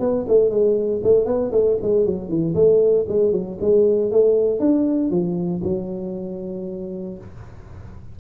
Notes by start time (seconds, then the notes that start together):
0.00 B3
0.29 A3
0.51 G#3
1.04 A3
1.26 B3
1.52 A3
1.83 G#3
2.06 F#3
2.29 E3
2.55 A3
3.09 G#3
3.33 F#3
3.61 G#3
4.12 A3
4.60 D4
5.11 F3
5.64 F#3